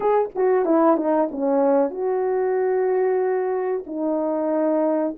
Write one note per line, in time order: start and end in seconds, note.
0.00 0.28 G#4
0.35 0.65 F#4
0.65 0.96 E4
0.96 1.28 D#4
1.31 1.90 C#4
1.90 3.84 F#4
3.86 5.15 D#4